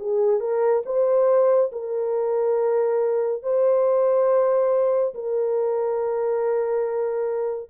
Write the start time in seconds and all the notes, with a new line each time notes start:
0.00 G#4
0.41 A#4
0.86 C5
1.72 A#4
3.43 C5
5.15 A#4